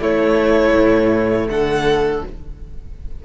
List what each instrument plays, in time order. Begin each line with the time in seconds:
0.00 cello A3, viola A3, violin E4 C#5
0.73 cello A2
1.48 cello D3, violin A4 F#5